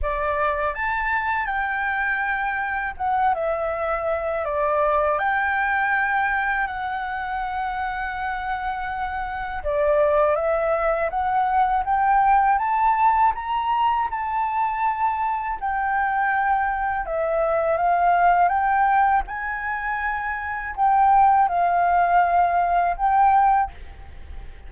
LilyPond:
\new Staff \with { instrumentName = "flute" } { \time 4/4 \tempo 4 = 81 d''4 a''4 g''2 | fis''8 e''4. d''4 g''4~ | g''4 fis''2.~ | fis''4 d''4 e''4 fis''4 |
g''4 a''4 ais''4 a''4~ | a''4 g''2 e''4 | f''4 g''4 gis''2 | g''4 f''2 g''4 | }